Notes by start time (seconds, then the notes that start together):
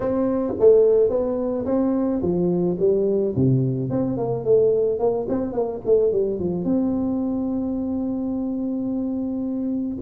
0.00 C4
0.59 A3
1.09 B3
1.65 C4
2.21 F3
2.79 G3
3.36 C3
3.90 C4
4.17 A#3
4.44 A3
4.98 A#3
5.28 C4
5.52 A#3
5.85 A3
6.11 G3
6.39 F3
6.64 C4